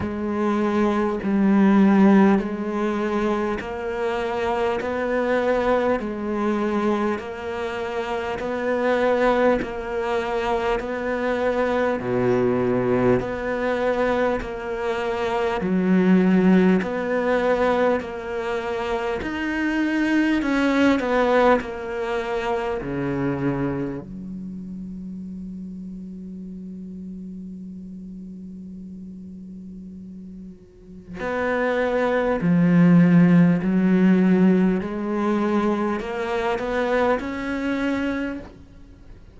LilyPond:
\new Staff \with { instrumentName = "cello" } { \time 4/4 \tempo 4 = 50 gis4 g4 gis4 ais4 | b4 gis4 ais4 b4 | ais4 b4 b,4 b4 | ais4 fis4 b4 ais4 |
dis'4 cis'8 b8 ais4 cis4 | fis1~ | fis2 b4 f4 | fis4 gis4 ais8 b8 cis'4 | }